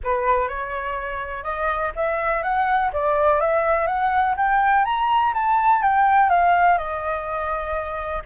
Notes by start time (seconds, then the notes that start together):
0.03 B4
0.48 C#5
1.43 D#5
1.95 E5
2.42 F#5
2.93 D5
3.40 E5
3.86 F#5
4.36 G5
4.85 A#5
5.34 A5
5.82 G5
6.29 F5
6.77 D#5